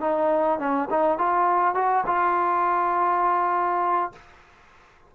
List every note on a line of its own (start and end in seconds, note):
0.00 0.59 D#4
0.59 0.88 C#4
0.90 1.18 D#4
1.18 1.74 F4
1.74 2.04 F#4
2.06 4.12 F4